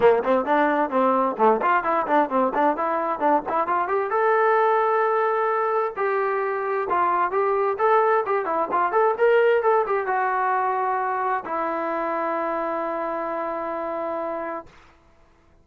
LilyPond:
\new Staff \with { instrumentName = "trombone" } { \time 4/4 \tempo 4 = 131 ais8 c'8 d'4 c'4 a8 f'8 | e'8 d'8 c'8 d'8 e'4 d'8 e'8 | f'8 g'8 a'2.~ | a'4 g'2 f'4 |
g'4 a'4 g'8 e'8 f'8 a'8 | ais'4 a'8 g'8 fis'2~ | fis'4 e'2.~ | e'1 | }